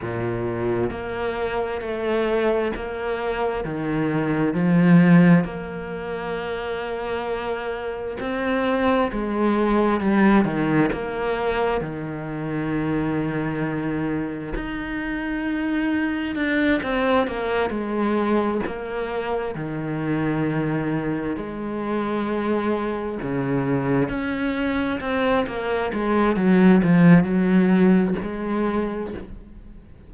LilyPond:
\new Staff \with { instrumentName = "cello" } { \time 4/4 \tempo 4 = 66 ais,4 ais4 a4 ais4 | dis4 f4 ais2~ | ais4 c'4 gis4 g8 dis8 | ais4 dis2. |
dis'2 d'8 c'8 ais8 gis8~ | gis8 ais4 dis2 gis8~ | gis4. cis4 cis'4 c'8 | ais8 gis8 fis8 f8 fis4 gis4 | }